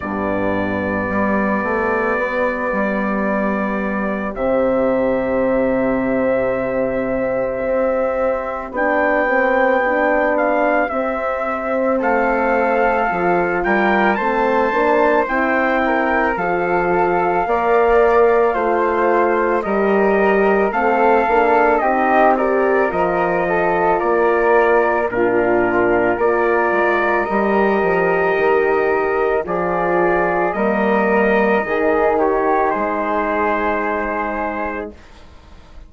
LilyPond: <<
  \new Staff \with { instrumentName = "trumpet" } { \time 4/4 \tempo 4 = 55 d''1 | e''1 | g''4. f''8 e''4 f''4~ | f''8 g''8 a''4 g''4 f''4~ |
f''2 dis''4 f''4 | dis''8 d''8 dis''4 d''4 ais'4 | d''4 dis''2 d''4 | dis''4. cis''8 c''2 | }
  \new Staff \with { instrumentName = "flute" } { \time 4/4 g'1~ | g'1~ | g'2. a'4~ | a'8 ais'8 c''4. ais'8 a'4 |
d''4 c''4 ais'4 a'4 | g'8 ais'4 a'8 ais'4 f'4 | ais'2. gis'4 | ais'4 gis'8 g'8 gis'2 | }
  \new Staff \with { instrumentName = "horn" } { \time 4/4 b1 | c'1 | d'8 c'8 d'4 c'2 | f'4 c'8 d'8 e'4 f'4 |
ais'4 f'4 g'4 c'8 d'8 | dis'8 g'8 f'2 d'4 | f'4 g'2 f'4 | ais4 dis'2. | }
  \new Staff \with { instrumentName = "bassoon" } { \time 4/4 g,4 g8 a8 b8 g4. | c2. c'4 | b2 c'4 a4 | f8 g8 a8 ais8 c'4 f4 |
ais4 a4 g4 a8 ais8 | c'4 f4 ais4 ais,4 | ais8 gis8 g8 f8 dis4 f4 | g4 dis4 gis2 | }
>>